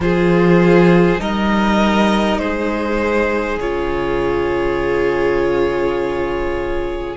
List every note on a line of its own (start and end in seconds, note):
0.00 1.17 F3
0.00 1.18 F4
0.00 1.20 G#4
0.00 1.20 C5
1.18 2.37 G3
1.18 3.58 D#4
1.18 2.40 A#4
1.18 2.39 D#5
2.37 3.57 G#3
2.37 7.17 G#4
2.37 3.58 C5
3.60 7.17 C#3
3.60 7.17 F4
3.60 7.17 C#5